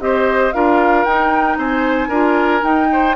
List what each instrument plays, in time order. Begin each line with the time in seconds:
0.00 bassoon C4, clarinet G4, oboe C5, flute D#5
0.53 bassoon D4, clarinet F4, oboe A#4, flute F5
1.04 bassoon D#4, clarinet D#4, flute G5
1.57 bassoon C4, oboe C5, flute G#5
2.09 bassoon D4, clarinet F4, oboe A#4
2.61 clarinet D#4, bassoon D#4, flute G5
2.93 oboe C5